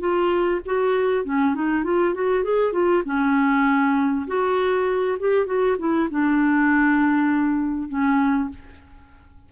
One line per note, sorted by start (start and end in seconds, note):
0.00 0.61 F4
0.66 1.25 F#4
1.25 1.55 C#4
1.55 1.84 D#4
1.84 2.14 F4
2.14 2.44 F#4
2.44 2.73 G#4
2.73 3.03 F4
3.05 4.26 C#4
4.27 5.18 F#4
5.19 5.47 G4
5.47 5.77 F#4
5.79 6.09 E4
6.10 7.89 D4
7.89 8.49 C#4